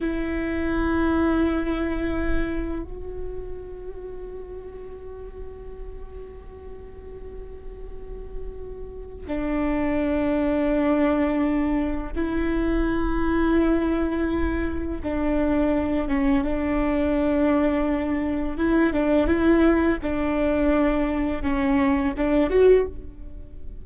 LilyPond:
\new Staff \with { instrumentName = "viola" } { \time 4/4 \tempo 4 = 84 e'1 | fis'1~ | fis'1~ | fis'4 d'2.~ |
d'4 e'2.~ | e'4 d'4. cis'8 d'4~ | d'2 e'8 d'8 e'4 | d'2 cis'4 d'8 fis'8 | }